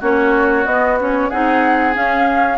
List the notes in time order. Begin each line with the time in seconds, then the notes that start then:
0.00 A#3 C#4 F#4 C#5
0.65 B3 D#5
0.99 C#4 C#5
1.29 C4 D#4 G#4 F#5
1.94 C#4 F5